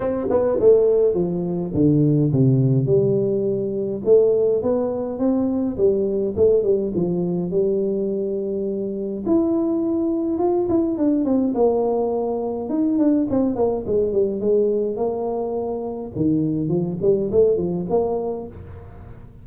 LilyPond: \new Staff \with { instrumentName = "tuba" } { \time 4/4 \tempo 4 = 104 c'8 b8 a4 f4 d4 | c4 g2 a4 | b4 c'4 g4 a8 g8 | f4 g2. |
e'2 f'8 e'8 d'8 c'8 | ais2 dis'8 d'8 c'8 ais8 | gis8 g8 gis4 ais2 | dis4 f8 g8 a8 f8 ais4 | }